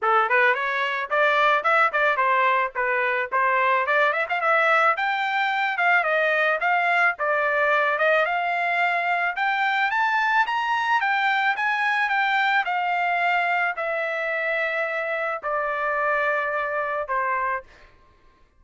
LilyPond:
\new Staff \with { instrumentName = "trumpet" } { \time 4/4 \tempo 4 = 109 a'8 b'8 cis''4 d''4 e''8 d''8 | c''4 b'4 c''4 d''8 e''16 f''16 | e''4 g''4. f''8 dis''4 | f''4 d''4. dis''8 f''4~ |
f''4 g''4 a''4 ais''4 | g''4 gis''4 g''4 f''4~ | f''4 e''2. | d''2. c''4 | }